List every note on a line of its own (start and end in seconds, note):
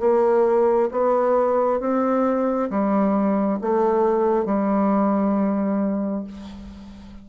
0.00 0.90 A#3
0.91 1.80 B3
1.80 2.69 C4
2.70 3.59 G3
3.61 4.45 A3
4.45 6.24 G3